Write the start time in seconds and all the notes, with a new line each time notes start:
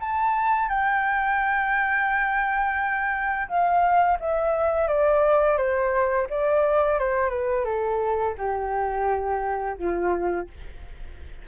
0.00 A5
0.69 G5
3.48 F5
4.20 E5
4.88 D5
5.57 C5
6.30 D5
6.99 C5
7.30 B4
7.65 A4
8.38 G4
9.78 F4